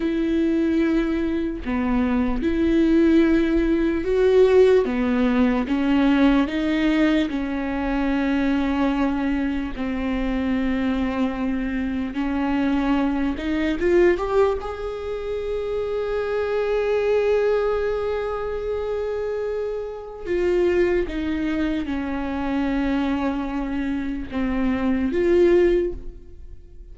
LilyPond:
\new Staff \with { instrumentName = "viola" } { \time 4/4 \tempo 4 = 74 e'2 b4 e'4~ | e'4 fis'4 b4 cis'4 | dis'4 cis'2. | c'2. cis'4~ |
cis'8 dis'8 f'8 g'8 gis'2~ | gis'1~ | gis'4 f'4 dis'4 cis'4~ | cis'2 c'4 f'4 | }